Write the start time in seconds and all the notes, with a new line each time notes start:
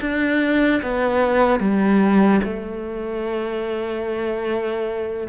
0.00 D4
0.82 B3
1.59 G3
2.44 A3